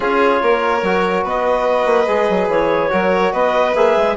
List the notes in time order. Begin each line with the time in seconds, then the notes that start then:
0.00 C#4 F4 G#4 C#5
0.42 A#3 A#4
0.82 F#3 F#4
1.23 B3 B4 D#5
1.85 A#3
2.06 G#3 G#4
2.29 F#3
2.48 E3 C#5
2.89 F#3 F#4 A#4
3.32 B3 B4 D#5
3.75 A#3 G#4 E5
3.97 G#3